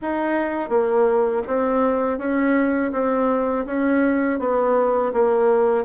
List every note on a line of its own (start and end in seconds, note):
0.01 0.69 D#4
0.69 1.42 A#3
1.47 2.18 C4
2.18 2.91 C#4
2.92 3.65 C4
3.66 4.39 C#4
4.39 5.12 B3
5.13 5.84 A#3